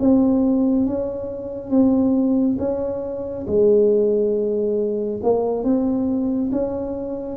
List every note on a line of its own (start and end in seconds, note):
0.00 0.86 C4
0.86 1.70 C#4
1.70 2.57 C4
2.59 3.46 C#4
3.47 5.21 G#3
5.23 5.64 A#3
5.64 6.51 C4
6.52 7.37 C#4